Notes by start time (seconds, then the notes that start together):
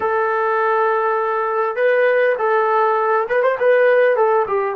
0.00 A4
1.76 B4
2.38 A4
3.28 B4
3.43 C5
3.59 B4
4.16 A4
4.47 G4